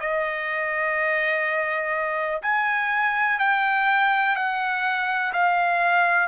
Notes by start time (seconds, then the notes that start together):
0.00 D#5
2.42 G#5
3.39 G5
4.36 F#5
5.33 F5